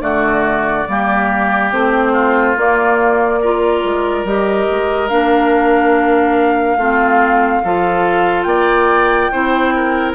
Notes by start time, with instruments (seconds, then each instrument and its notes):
0.00 bassoon D3, clarinet A3, oboe F#4, flute D5
0.87 bassoon G3, clarinet A#3, oboe G4
1.72 bassoon A3, clarinet C4, flute C5
2.12 oboe F4
2.55 clarinet A#3, bassoon A#3, flute D5
3.41 clarinet F4, oboe A#4
3.83 bassoon G#3
4.24 bassoon G3, clarinet G4, flute D#5
4.70 bassoon G#3
5.08 bassoon A#3, clarinet D4, flute F5
6.76 bassoon A3, clarinet C4, oboe F4
7.63 bassoon F3, clarinet F4, oboe A4
8.43 bassoon A#3, oboe D5, flute G5
9.31 bassoon C4, clarinet E4, oboe C5
9.75 oboe A#4